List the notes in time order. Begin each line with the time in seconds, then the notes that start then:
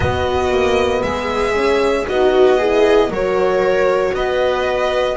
0.00 B3 F#4 D#5
0.50 A#3
1.02 G#3 G#4 E5
1.53 C#4
2.06 B3 D#4 F#4 D#5
2.58 E4 G#4
3.09 F#3 F#4 A#4 C#5
4.13 B3 B4 D#5